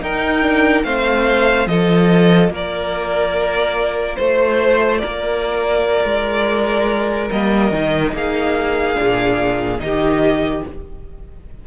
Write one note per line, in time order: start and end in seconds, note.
0.00 0.42 D#4
0.00 0.84 D#4
0.00 0.85 A#4
0.00 0.84 G5
0.42 0.84 D4
0.84 1.66 A3
0.84 1.68 C4
0.84 1.68 C5
0.84 1.67 F5
1.66 2.49 F3
1.66 7.31 F4
1.66 2.53 A4
1.66 2.51 D#5
2.49 4.16 A#3
2.49 4.18 A#4
2.49 4.16 D5
4.16 5.03 A3
4.16 4.98 C5
4.16 5.01 C5
4.98 6.05 A#3
4.98 8.13 A#4
4.98 7.27 D5
6.05 7.30 G#3
7.31 7.71 G3
7.31 7.72 A#3
7.31 8.14 D#5
7.71 8.12 D#3
7.71 8.94 D#4
8.12 8.96 A#3
8.12 9.81 G#4
8.12 9.80 F5
8.94 9.80 A#2
8.94 9.78 D4
9.79 10.63 D#3
9.79 10.62 D#4
9.79 10.67 G4
9.79 10.63 D#5